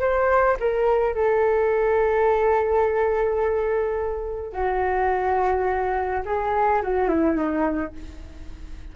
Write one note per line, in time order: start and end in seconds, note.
0.00 0.57 C5
0.60 1.14 A#4
1.14 4.53 A4
4.53 6.22 F#4
6.25 6.82 G#4
6.82 7.08 F#4
7.08 7.36 E4
7.36 7.93 D#4